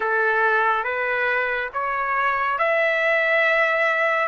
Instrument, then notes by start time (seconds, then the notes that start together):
trumpet
0.00 A4
0.84 B4
1.73 C#5
2.58 E5